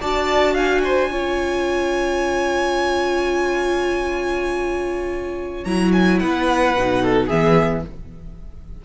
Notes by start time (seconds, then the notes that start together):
0.00 D4 F#4 D5 A5
0.53 F5 G#5
0.84 C5
1.11 C#4 F4 C#5
5.64 F#3 E4 A#5
5.92 G#5
6.19 B3 B4 F#5
6.76 B2 D#4
7.02 A4
7.26 E3 B3 G#4 E5